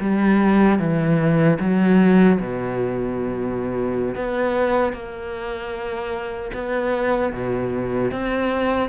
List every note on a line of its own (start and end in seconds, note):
0.00 0.79 G3
0.79 1.58 E3
1.59 2.38 F#3
2.39 4.15 B2
4.15 4.93 B3
4.93 6.51 A#3
6.53 7.32 B3
7.32 8.11 B2
8.11 8.89 C4